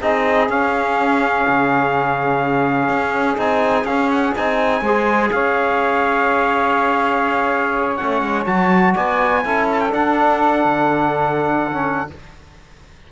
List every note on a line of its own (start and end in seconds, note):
0.00 0.48 C4
0.00 0.49 D#4
0.00 4.81 G#4
0.00 0.50 D#5
0.48 1.45 C#4
0.48 3.37 C#4
0.48 3.39 F5
1.47 2.89 C#3
2.89 3.37 C#4
3.37 3.84 C4
3.37 3.85 D#4
3.37 3.86 G#5
3.84 4.32 C#4
3.84 4.35 C#4
3.84 4.10 F5
4.11 4.35 F#5
4.35 4.81 C4
4.35 4.83 D#4
4.35 5.31 G#5
4.81 5.30 G#3
4.81 7.98 G#4
4.81 5.30 C5
5.31 7.99 C#4
5.31 8.93 C#5
5.31 7.96 F5
7.96 8.21 A3
7.96 8.46 C#4
7.96 8.44 F#5
8.21 8.45 G#3
8.46 8.94 F#3
8.46 9.42 F#4
8.46 8.94 A5
8.93 9.45 B3
8.93 9.42 D5
8.93 9.68 G#5
9.43 9.93 C#4
9.43 9.89 E4
9.43 12.10 A4
9.71 9.80 A5
9.80 9.92 G5
9.89 11.71 D4
9.89 10.64 D4
9.89 12.11 F#5
10.64 12.09 D3
11.71 12.07 C#4